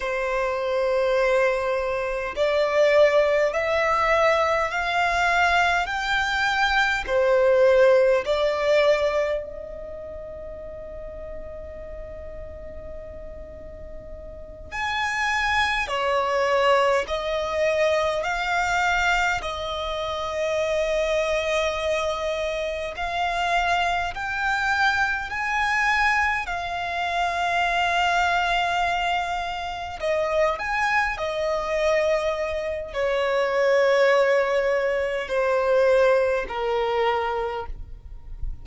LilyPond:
\new Staff \with { instrumentName = "violin" } { \time 4/4 \tempo 4 = 51 c''2 d''4 e''4 | f''4 g''4 c''4 d''4 | dis''1~ | dis''8 gis''4 cis''4 dis''4 f''8~ |
f''8 dis''2. f''8~ | f''8 g''4 gis''4 f''4.~ | f''4. dis''8 gis''8 dis''4. | cis''2 c''4 ais'4 | }